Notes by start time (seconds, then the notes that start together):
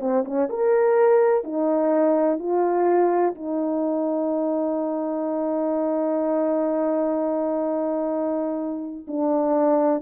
0.00 C4
0.25 C#4
0.49 A#4
1.44 D#4
2.39 F4
3.35 D#4
9.07 D4